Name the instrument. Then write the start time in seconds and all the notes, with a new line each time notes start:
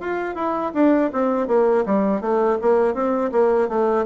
bassoon
0.00 F4
0.35 E4
0.74 D4
1.12 C4
1.47 A#3
1.86 G3
2.21 A3
2.61 A#3
2.94 C4
3.32 A#3
3.68 A3